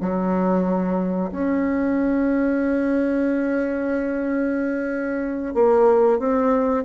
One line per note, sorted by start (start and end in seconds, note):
0.00 1.30 F#3
1.31 5.54 C#4
5.54 6.19 A#3
6.19 6.84 C4